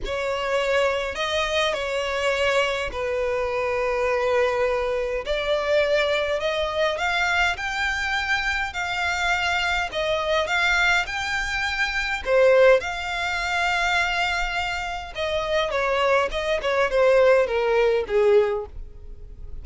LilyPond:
\new Staff \with { instrumentName = "violin" } { \time 4/4 \tempo 4 = 103 cis''2 dis''4 cis''4~ | cis''4 b'2.~ | b'4 d''2 dis''4 | f''4 g''2 f''4~ |
f''4 dis''4 f''4 g''4~ | g''4 c''4 f''2~ | f''2 dis''4 cis''4 | dis''8 cis''8 c''4 ais'4 gis'4 | }